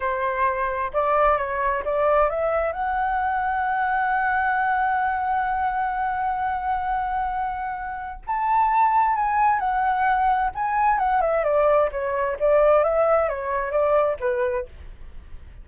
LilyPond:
\new Staff \with { instrumentName = "flute" } { \time 4/4 \tempo 4 = 131 c''2 d''4 cis''4 | d''4 e''4 fis''2~ | fis''1~ | fis''1~ |
fis''2 a''2 | gis''4 fis''2 gis''4 | fis''8 e''8 d''4 cis''4 d''4 | e''4 cis''4 d''4 b'4 | }